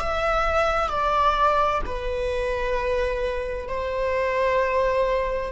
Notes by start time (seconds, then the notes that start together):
0.00 E5
0.89 D5
1.85 B4
3.68 C5